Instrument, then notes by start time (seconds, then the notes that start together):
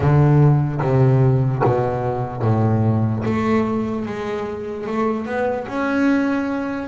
double bass
0.00 D3
0.81 C3
1.64 B2
2.42 A2
3.25 A3
4.06 G#3
4.86 A3
5.26 B3
5.67 C#4